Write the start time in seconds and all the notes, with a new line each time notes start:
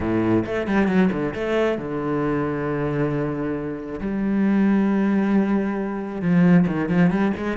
0.00 A2
0.45 A3
0.67 G3
0.87 F#3
1.12 D3
1.34 A3
1.77 D3
4.00 G3
6.21 F3
6.67 D#3
6.88 F3
7.10 G3
7.36 G#3